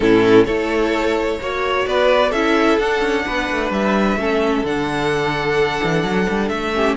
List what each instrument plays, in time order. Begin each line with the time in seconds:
0.00 cello A2, viola C#4, violin E4 A4
0.45 cello A3, viola E4, violin A4 C#5
1.40 cello A#3, viola F#4, violin C#5
1.86 cello B3, violin B4 D5
2.30 cello C#4, viola E4, violin A4 E5
2.78 cello D4, viola D4, violin F#5
3.01 cello C#4
3.26 cello B3, violin B4
3.51 cello A3
3.70 cello G3, violin E5
4.16 cello A3, viola C#4, violin A4
4.63 cello D3, viola D4, violin F#5
5.83 cello E3
6.03 cello F#3
6.29 cello G3
6.48 cello A3, violin E5
6.73 viola C#4, violin G4